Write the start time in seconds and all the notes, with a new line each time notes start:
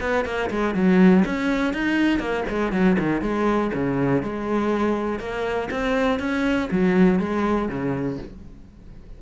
0.00 B3
0.25 A#3
0.50 G#3
0.75 F#3
1.25 C#4
1.73 D#4
2.19 A#3
2.49 G#3
2.72 F#3
2.99 D#3
3.21 G#3
3.74 C#3
4.23 G#3
5.20 A#3
5.70 C4
6.19 C#4
6.71 F#3
7.19 G#3
7.69 C#3